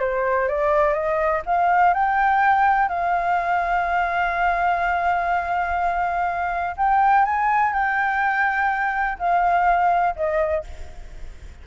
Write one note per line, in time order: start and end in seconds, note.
0.00 0.48 C5
0.49 0.94 D5
0.94 1.42 D#5
1.46 1.94 F5
1.94 2.89 G5
2.89 6.76 F5
6.77 7.25 G5
7.25 7.74 G#5
7.74 9.19 G5
9.19 10.15 F5
10.16 10.64 D#5